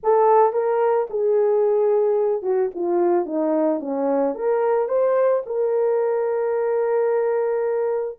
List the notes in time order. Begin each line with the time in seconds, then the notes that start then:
0.03 A4
0.52 A#4
1.10 G#4
2.42 F#4
2.74 F4
3.25 D#4
3.80 C#4
4.34 A#4
4.88 C5
5.46 A#4